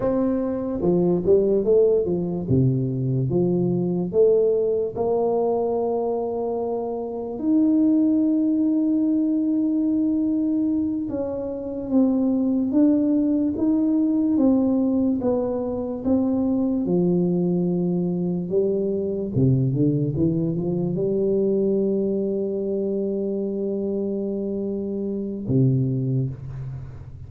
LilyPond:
\new Staff \with { instrumentName = "tuba" } { \time 4/4 \tempo 4 = 73 c'4 f8 g8 a8 f8 c4 | f4 a4 ais2~ | ais4 dis'2.~ | dis'4. cis'4 c'4 d'8~ |
d'8 dis'4 c'4 b4 c'8~ | c'8 f2 g4 c8 | d8 e8 f8 g2~ g8~ | g2. c4 | }